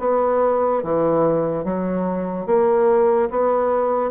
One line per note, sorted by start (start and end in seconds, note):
0.00 0.83 B3
0.84 1.65 E3
1.65 2.47 F#3
2.47 3.30 A#3
3.30 4.11 B3